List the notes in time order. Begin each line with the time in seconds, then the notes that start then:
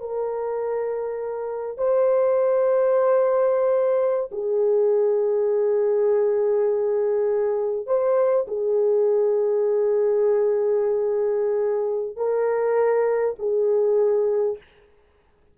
0.00 A#4
1.78 C5
4.32 G#4
7.87 C5
8.48 G#4
12.16 A#4
13.39 G#4